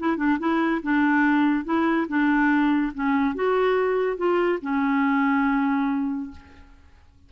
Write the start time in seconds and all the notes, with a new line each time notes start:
0.00 E4
0.17 D4
0.40 E4
0.83 D4
1.65 E4
2.09 D4
2.94 C#4
3.35 F#4
4.17 F4
4.62 C#4